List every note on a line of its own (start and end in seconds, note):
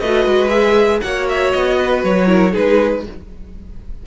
0.00 0.26 A3
0.00 0.49 F#4
0.00 1.01 B4
0.00 0.49 D#5
0.26 1.01 G#3
0.49 1.00 G#4
0.49 0.99 E5
1.01 1.54 A#3
1.01 2.26 F#4
1.01 1.77 C#5
1.01 1.27 F#5
1.29 1.51 E5
1.51 2.04 B3
1.51 2.02 D#5
1.77 2.28 B4
2.04 2.54 F#3
2.04 2.55 C#5
2.26 2.52 E4
2.26 2.53 A#4
2.52 3.06 G#3
2.52 3.03 D#4
2.52 3.03 G#4
2.52 3.05 B4